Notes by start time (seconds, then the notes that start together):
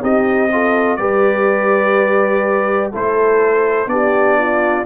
0.00 C4 D#4 G4 D#5
0.51 F4 A4
0.96 G3 G4 B4 D5
2.91 A3 E4 A4 C5
3.86 B3 D4 G4 D5
4.38 F4